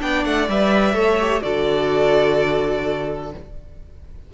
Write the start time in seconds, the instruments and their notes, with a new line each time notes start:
0.00 cello B3, viola D4, violin D5 G5
0.25 cello A3, violin F#5
0.48 cello G3, viola B4, violin E5
0.94 cello A3, viola A4, violin C#5
1.21 viola G4
1.42 cello D3, viola F#4, violin A4 D5